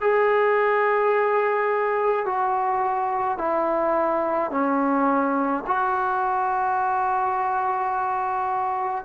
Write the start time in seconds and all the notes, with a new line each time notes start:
0.00 G#4
2.25 F#4
3.38 E4
4.50 C#4
5.67 F#4